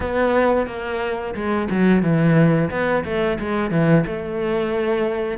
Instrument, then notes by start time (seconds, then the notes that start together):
cello
0.00 B3
0.66 A#3
1.34 G#3
1.70 F#3
2.02 E3
2.70 B3
3.04 A3
3.39 G#3
3.70 E3
4.06 A3